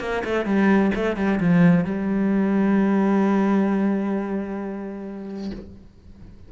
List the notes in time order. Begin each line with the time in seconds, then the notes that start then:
0.00 A#3
0.24 A3
0.46 G3
0.95 A3
1.16 G3
1.40 F3
1.84 G3